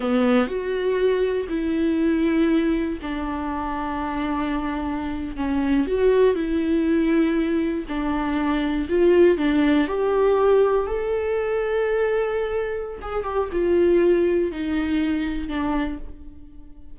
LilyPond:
\new Staff \with { instrumentName = "viola" } { \time 4/4 \tempo 4 = 120 b4 fis'2 e'4~ | e'2 d'2~ | d'2~ d'8. cis'4 fis'16~ | fis'8. e'2. d'16~ |
d'4.~ d'16 f'4 d'4 g'16~ | g'4.~ g'16 a'2~ a'16~ | a'2 gis'8 g'8 f'4~ | f'4 dis'2 d'4 | }